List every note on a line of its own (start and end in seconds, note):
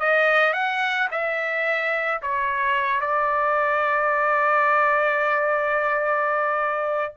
0.00 0.54 D#5
0.54 1.09 F#5
1.12 2.22 E5
2.22 3.02 C#5
3.02 7.14 D5